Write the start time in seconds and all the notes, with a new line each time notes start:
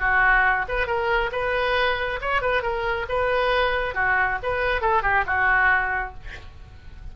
0.00 F#4
0.68 B4
0.87 A#4
1.32 B4
2.22 C#5
2.42 B4
2.63 A#4
3.09 B4
3.95 F#4
4.43 B4
4.82 A4
5.03 G4
5.27 F#4